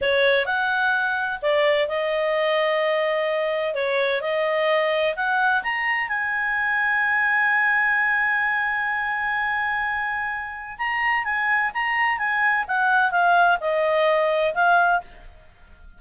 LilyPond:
\new Staff \with { instrumentName = "clarinet" } { \time 4/4 \tempo 4 = 128 cis''4 fis''2 d''4 | dis''1 | cis''4 dis''2 fis''4 | ais''4 gis''2.~ |
gis''1~ | gis''2. ais''4 | gis''4 ais''4 gis''4 fis''4 | f''4 dis''2 f''4 | }